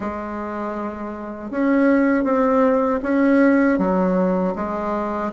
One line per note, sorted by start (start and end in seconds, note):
0.00 1.51 G#3
1.51 2.24 C#4
2.24 3.00 C4
3.02 3.78 C#4
3.78 4.54 F#3
4.55 5.31 G#3